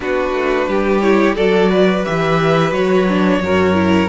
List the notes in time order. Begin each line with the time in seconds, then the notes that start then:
0.00 B3 D4 F#4 B4
0.32 A3
0.68 G3 G4
1.01 E4 C#5
1.35 F#3 F#4 A4 D5
1.69 B4
2.04 E3 G4 E5
2.72 F#3 F#4 C#5
3.08 D4
3.41 F#2 F#4 A#4
3.74 E4